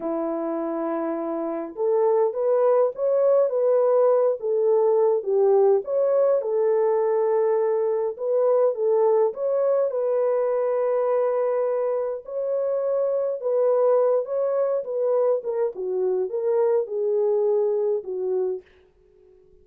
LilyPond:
\new Staff \with { instrumentName = "horn" } { \time 4/4 \tempo 4 = 103 e'2. a'4 | b'4 cis''4 b'4. a'8~ | a'4 g'4 cis''4 a'4~ | a'2 b'4 a'4 |
cis''4 b'2.~ | b'4 cis''2 b'4~ | b'8 cis''4 b'4 ais'8 fis'4 | ais'4 gis'2 fis'4 | }